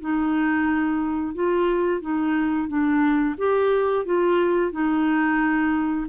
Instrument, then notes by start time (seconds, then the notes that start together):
clarinet
0.00 D#4
1.34 F4
2.01 D#4
2.68 D4
3.38 G4
4.05 F4
4.71 D#4